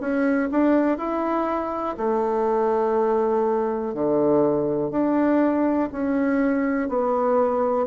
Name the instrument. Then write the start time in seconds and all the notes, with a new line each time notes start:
bassoon
0.00 C#4
0.51 D4
0.97 E4
1.97 A3
3.93 D3
4.90 D4
5.92 C#4
6.89 B3